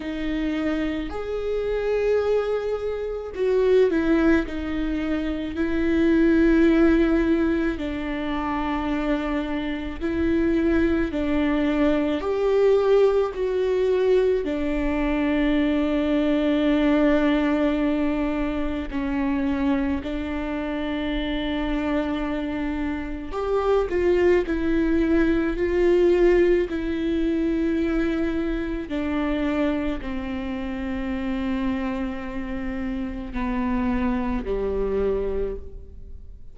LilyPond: \new Staff \with { instrumentName = "viola" } { \time 4/4 \tempo 4 = 54 dis'4 gis'2 fis'8 e'8 | dis'4 e'2 d'4~ | d'4 e'4 d'4 g'4 | fis'4 d'2.~ |
d'4 cis'4 d'2~ | d'4 g'8 f'8 e'4 f'4 | e'2 d'4 c'4~ | c'2 b4 g4 | }